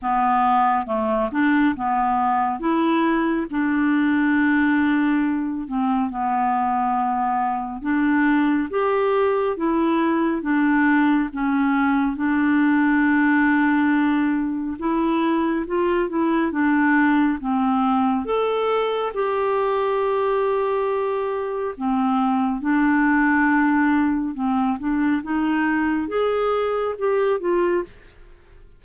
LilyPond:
\new Staff \with { instrumentName = "clarinet" } { \time 4/4 \tempo 4 = 69 b4 a8 d'8 b4 e'4 | d'2~ d'8 c'8 b4~ | b4 d'4 g'4 e'4 | d'4 cis'4 d'2~ |
d'4 e'4 f'8 e'8 d'4 | c'4 a'4 g'2~ | g'4 c'4 d'2 | c'8 d'8 dis'4 gis'4 g'8 f'8 | }